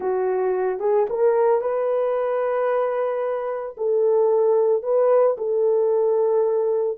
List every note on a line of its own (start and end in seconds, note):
0.00 0.79 F#4
0.79 1.06 G#4
1.09 1.61 A#4
1.61 3.75 B4
3.77 4.82 A4
4.82 5.36 B4
5.37 6.98 A4